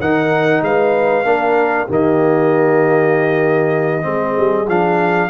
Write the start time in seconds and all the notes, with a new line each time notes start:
0.00 D#3 D#4 A#4 F#5
0.62 G#3 B4 F5
1.24 A#3 D4 A#4
1.87 D#3 A#3 G4 D#5
4.02 G#3 C4 G#4
4.39 G3
4.68 F3 D4 F5